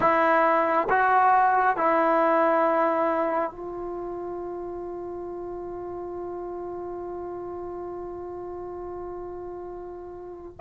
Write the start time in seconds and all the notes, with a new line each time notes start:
0.00 E4
0.89 F#4
1.76 E4
3.51 F4